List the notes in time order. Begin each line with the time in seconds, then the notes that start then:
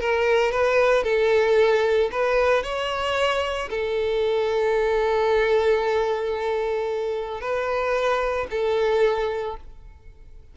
0.00 A#4
0.51 B4
1.03 A4
2.11 B4
2.63 C#5
3.70 A4
7.40 B4
8.50 A4